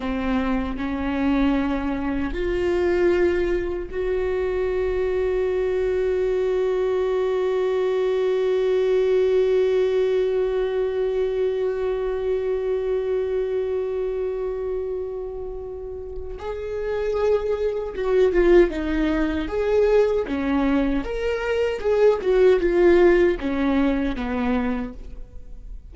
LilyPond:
\new Staff \with { instrumentName = "viola" } { \time 4/4 \tempo 4 = 77 c'4 cis'2 f'4~ | f'4 fis'2.~ | fis'1~ | fis'1~ |
fis'1~ | fis'4 gis'2 fis'8 f'8 | dis'4 gis'4 cis'4 ais'4 | gis'8 fis'8 f'4 cis'4 b4 | }